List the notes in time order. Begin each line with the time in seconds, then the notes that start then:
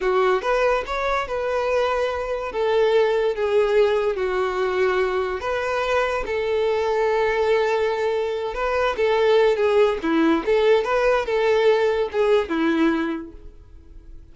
0.00 F#4
0.42 B4
0.86 C#5
1.27 B4
2.52 A4
3.35 G#4
4.16 F#4
5.40 B4
6.26 A4
8.54 B4
8.96 A4
9.56 G#4
10.02 E4
10.45 A4
10.83 B4
11.25 A4
12.12 G#4
12.48 E4